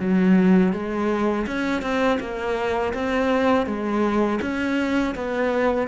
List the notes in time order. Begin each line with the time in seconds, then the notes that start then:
0.00 F#3
0.73 G#3
1.47 C#4
1.82 C4
2.20 A#3
2.94 C4
3.67 G#3
4.42 C#4
5.16 B3